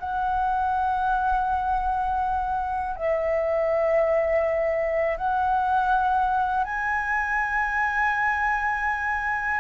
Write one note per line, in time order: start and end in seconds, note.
0.00 2.96 F#5
2.96 5.18 E5
5.18 6.64 F#5
6.64 9.61 G#5